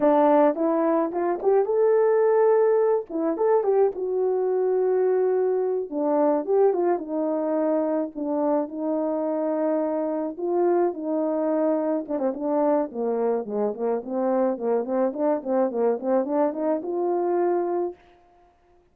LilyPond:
\new Staff \with { instrumentName = "horn" } { \time 4/4 \tempo 4 = 107 d'4 e'4 f'8 g'8 a'4~ | a'4. e'8 a'8 g'8 fis'4~ | fis'2~ fis'8 d'4 g'8 | f'8 dis'2 d'4 dis'8~ |
dis'2~ dis'8 f'4 dis'8~ | dis'4. d'16 c'16 d'4 ais4 | gis8 ais8 c'4 ais8 c'8 d'8 c'8 | ais8 c'8 d'8 dis'8 f'2 | }